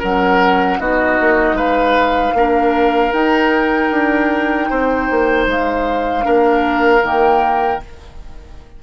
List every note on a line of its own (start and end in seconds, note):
0.00 0.80 F#3
0.00 0.80 C#4
0.00 0.78 A#4
0.00 0.80 F#5
0.80 1.19 B3
0.80 2.36 D#4
0.80 1.56 F#4
0.80 1.58 D#5
1.21 1.53 A#3
1.53 2.31 G#3
1.53 2.34 B4
1.53 3.13 F5
2.34 3.12 A#3
2.34 3.12 D4
2.34 4.70 A#4
3.12 6.22 D#4
3.12 3.91 D#4
3.12 5.47 G5
3.91 4.69 D4
4.70 5.10 C4
4.70 6.25 C5
5.11 5.47 A#3
5.47 6.25 G#3
5.47 7.05 F5
6.22 7.03 A#3
6.22 7.00 D4
6.22 7.81 A#4
7.02 7.81 D#3
7.02 7.80 A#3
7.02 7.83 G5